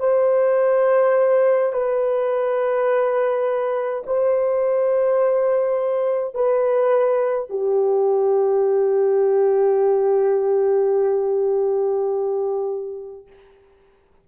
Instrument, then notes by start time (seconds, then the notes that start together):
horn
0.00 C5
1.73 B4
4.06 C5
6.35 B4
7.50 G4